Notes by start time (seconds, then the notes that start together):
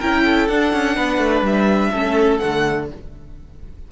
0.00 C#4 E4 A#4 G5
0.25 A4
0.48 D4 F#5
0.73 C#4
0.96 B3 B4
1.19 A3
1.42 G3 E5
1.90 A3 C#4 A4
2.38 D3 A3 F#5